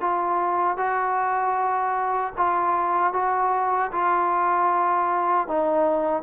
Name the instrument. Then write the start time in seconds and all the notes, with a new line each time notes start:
trombone
0.00 F4
0.77 F#4
2.37 F4
3.13 F#4
3.92 F4
5.48 D#4